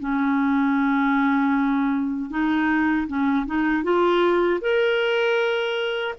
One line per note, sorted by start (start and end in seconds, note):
0.00 2.30 C#4
2.30 3.07 D#4
3.08 3.46 C#4
3.47 3.84 D#4
3.84 4.60 F4
4.61 6.15 A#4